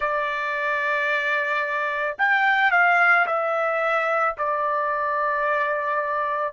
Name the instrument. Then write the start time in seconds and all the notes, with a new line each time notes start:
trumpet
0.00 D5
2.18 G5
2.71 F5
3.26 E5
4.37 D5